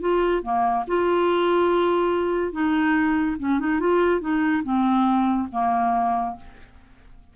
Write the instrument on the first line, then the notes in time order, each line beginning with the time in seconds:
clarinet
0.00 F4
0.42 A#3
0.87 F4
2.52 D#4
3.39 C#4
3.59 D#4
3.80 F4
4.20 D#4
4.63 C4
5.51 A#3